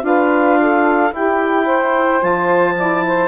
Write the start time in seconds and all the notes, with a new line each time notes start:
0.00 D4 F4 F5
0.06 B4
0.59 A4
1.13 E4 G4 G5
1.66 C5
2.20 F3 F4 A5
2.77 E4 D5
3.07 C5